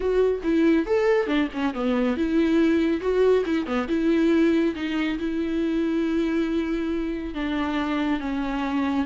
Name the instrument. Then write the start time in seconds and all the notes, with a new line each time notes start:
viola
0.00 F#4
0.43 E4
0.86 A4
1.26 D4
1.53 C#4
1.73 B3
2.16 E4
3.00 F#4
3.45 E4
3.66 B3
3.88 E4
4.75 D#4
5.18 E4
7.34 D4
8.20 C#4